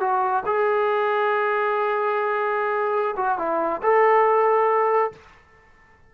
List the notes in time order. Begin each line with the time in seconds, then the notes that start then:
0.00 F#4
0.46 G#4
3.16 F#4
3.38 E4
3.82 A4